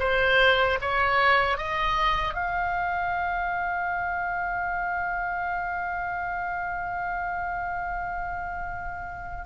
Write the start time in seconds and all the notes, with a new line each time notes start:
0.00 C5
0.81 C#5
1.58 D#5
2.34 F5